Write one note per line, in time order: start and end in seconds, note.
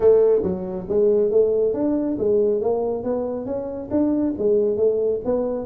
0.00 0.42 A3
0.42 0.86 F#3
0.88 1.30 G#3
1.30 1.73 A3
1.73 2.17 D4
2.18 2.60 G#3
2.60 3.03 A#3
3.03 3.45 B3
3.45 3.89 C#4
3.90 4.34 D4
4.37 4.76 G#3
4.76 5.20 A3
5.24 5.65 B3